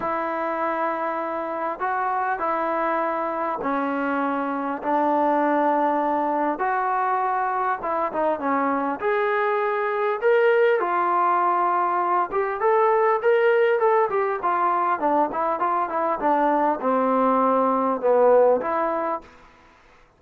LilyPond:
\new Staff \with { instrumentName = "trombone" } { \time 4/4 \tempo 4 = 100 e'2. fis'4 | e'2 cis'2 | d'2. fis'4~ | fis'4 e'8 dis'8 cis'4 gis'4~ |
gis'4 ais'4 f'2~ | f'8 g'8 a'4 ais'4 a'8 g'8 | f'4 d'8 e'8 f'8 e'8 d'4 | c'2 b4 e'4 | }